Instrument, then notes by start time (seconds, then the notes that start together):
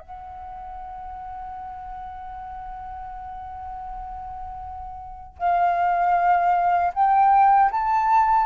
flute
0.00 F#5
5.39 F5
6.94 G5
7.72 A5